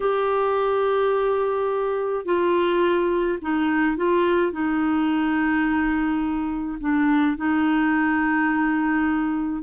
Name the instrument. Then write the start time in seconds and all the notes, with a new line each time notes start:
clarinet
0.00 G4
2.25 F4
3.41 D#4
3.96 F4
4.52 D#4
6.80 D4
7.36 D#4